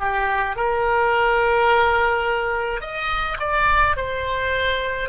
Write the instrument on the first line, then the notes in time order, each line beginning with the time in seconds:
oboe
0.00 G4
0.57 A#4
2.81 D#5
3.40 D5
3.97 C5